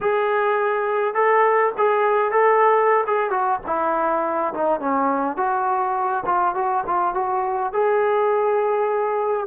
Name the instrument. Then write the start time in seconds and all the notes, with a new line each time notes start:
trombone
0.00 G#4
1.14 A4
1.77 G#4
2.31 A4
3.06 G#4
3.30 F#4
3.66 E4
4.54 D#4
4.80 C#4
5.36 F#4
6.25 F4
6.54 F#4
6.86 F4
7.14 F#4
7.72 G#4